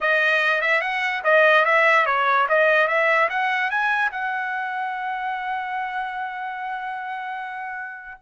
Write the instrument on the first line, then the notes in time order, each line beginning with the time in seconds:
trumpet
0.01 D#5
0.61 E5
0.81 F#5
1.24 D#5
1.65 E5
2.06 C#5
2.48 D#5
2.87 E5
3.29 F#5
3.70 G#5
4.11 F#5